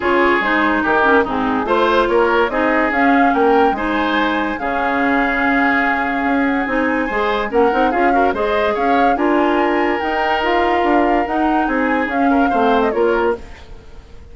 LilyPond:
<<
  \new Staff \with { instrumentName = "flute" } { \time 4/4 \tempo 4 = 144 cis''4 c''4 ais'4 gis'4 | c''4 cis''4 dis''4 f''4 | g''4 gis''2 f''4~ | f''2.~ f''8 fis''8 |
gis''2 fis''4 f''4 | dis''4 f''4 gis''2 | g''4 f''2 fis''4 | gis''4 f''4.~ f''16 dis''16 cis''4 | }
  \new Staff \with { instrumentName = "oboe" } { \time 4/4 gis'2 g'4 dis'4 | c''4 ais'4 gis'2 | ais'4 c''2 gis'4~ | gis'1~ |
gis'4 c''4 ais'4 gis'8 ais'8 | c''4 cis''4 ais'2~ | ais'1 | gis'4. ais'8 c''4 ais'4 | }
  \new Staff \with { instrumentName = "clarinet" } { \time 4/4 f'4 dis'4. cis'8 c'4 | f'2 dis'4 cis'4~ | cis'4 dis'2 cis'4~ | cis'1 |
dis'4 gis'4 cis'8 dis'8 f'8 fis'8 | gis'2 f'2 | dis'4 f'2 dis'4~ | dis'4 cis'4 c'4 f'4 | }
  \new Staff \with { instrumentName = "bassoon" } { \time 4/4 cis4 gis4 dis4 gis,4 | a4 ais4 c'4 cis'4 | ais4 gis2 cis4~ | cis2. cis'4 |
c'4 gis4 ais8 c'8 cis'4 | gis4 cis'4 d'2 | dis'2 d'4 dis'4 | c'4 cis'4 a4 ais4 | }
>>